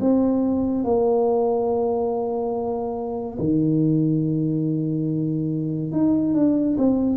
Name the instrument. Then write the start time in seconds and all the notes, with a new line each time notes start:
tuba
0.00 C4
0.84 A#3
3.39 D#3
5.92 D#4
6.34 D4
6.78 C4